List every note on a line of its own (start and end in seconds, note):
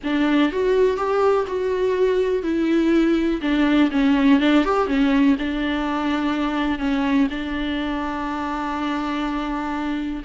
0.03 0.51 D4
0.51 0.96 F#4
0.96 1.45 G4
1.47 2.43 F#4
2.43 3.40 E4
3.41 3.90 D4
3.91 4.39 C#4
4.40 4.64 D4
4.64 4.87 G4
4.87 5.36 C#4
5.38 6.78 D4
6.78 7.27 C#4
7.30 10.23 D4